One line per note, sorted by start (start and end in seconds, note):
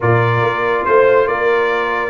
0.00 0.42 A#2
0.00 2.10 F4
0.00 0.81 A#4
0.00 0.85 D5
0.42 0.85 A#3
0.85 1.27 A3
0.85 1.27 C5
0.85 1.28 C5
1.27 2.10 A#3
1.27 2.10 A#4
1.27 2.10 D5